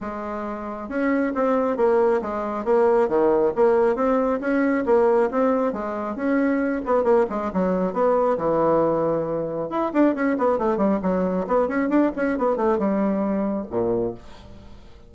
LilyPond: \new Staff \with { instrumentName = "bassoon" } { \time 4/4 \tempo 4 = 136 gis2 cis'4 c'4 | ais4 gis4 ais4 dis4 | ais4 c'4 cis'4 ais4 | c'4 gis4 cis'4. b8 |
ais8 gis8 fis4 b4 e4~ | e2 e'8 d'8 cis'8 b8 | a8 g8 fis4 b8 cis'8 d'8 cis'8 | b8 a8 g2 ais,4 | }